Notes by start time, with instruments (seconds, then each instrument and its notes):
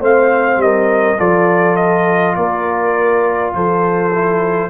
0.00 tuba A3, trombone C4, horn C5, trumpet F5
0.57 tuba G3, horn A#4, trumpet D#5
1.17 tuba F3, trombone F4, horn A4, trumpet D5
1.76 trumpet D#5
2.35 tuba A#3, horn A#4, trumpet D5
3.54 tuba F3, horn A4, trumpet C5
4.14 trombone E4